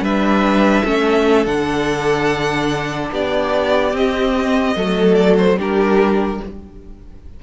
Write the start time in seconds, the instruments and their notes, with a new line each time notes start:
0.00 cello G3, viola D4, violin B4 E5
0.84 cello A3, viola C#4, violin A4
1.45 cello D3, viola D4, violin F#5
3.11 cello B3, violin G4 D5
3.92 viola C4, cello C4, violin D#5
4.75 cello F#3, viola A3, violin A4
5.14 violin D5
5.38 violin C5
5.57 cello G3, viola D4, violin G4 A#4